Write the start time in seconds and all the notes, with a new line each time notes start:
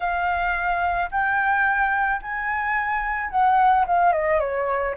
0.00 F5
1.11 G5
2.22 G#5
3.30 F#5
3.87 F5
4.12 D#5
4.39 C#5